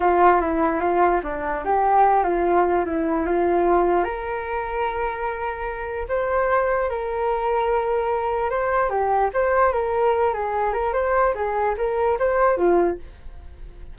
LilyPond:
\new Staff \with { instrumentName = "flute" } { \time 4/4 \tempo 4 = 148 f'4 e'4 f'4 d'4 | g'4. f'4. e'4 | f'2 ais'2~ | ais'2. c''4~ |
c''4 ais'2.~ | ais'4 c''4 g'4 c''4 | ais'4. gis'4 ais'8 c''4 | gis'4 ais'4 c''4 f'4 | }